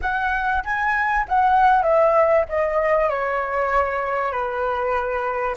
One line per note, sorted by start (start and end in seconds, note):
0.01 0.63 F#5
0.64 1.25 G#5
1.28 1.82 F#5
1.82 2.44 E5
2.48 3.09 D#5
3.09 4.32 C#5
4.32 5.55 B4